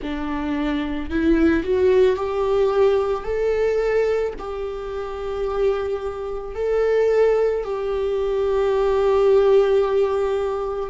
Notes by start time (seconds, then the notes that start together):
0.02 D4
1.10 E4
1.63 F#4
2.16 G4
3.24 A4
4.38 G4
6.55 A4
7.64 G4